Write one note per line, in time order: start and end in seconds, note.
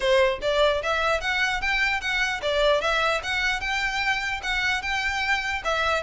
0.00 0.39 C5
0.41 0.82 D5
0.83 1.21 E5
1.21 1.61 F#5
1.61 2.00 G5
2.00 2.41 F#5
2.42 2.81 D5
2.81 3.21 E5
3.23 3.60 F#5
3.60 4.40 G5
4.42 4.82 F#5
4.82 5.62 G5
5.64 6.03 E5